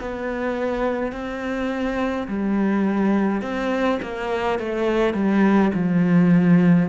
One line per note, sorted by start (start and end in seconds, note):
0.00 1.12 B3
1.12 2.28 C4
2.28 3.41 G3
3.41 3.99 C4
4.02 4.59 A#3
4.59 5.13 A3
5.13 5.71 G3
5.74 6.89 F3